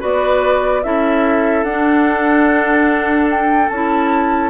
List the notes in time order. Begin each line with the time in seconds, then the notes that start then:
0.00 B3 F#4 B4 D5
0.83 C#4 E4 A4 E5
1.64 D4 F#5
3.30 G5
3.69 C#4 E4 A5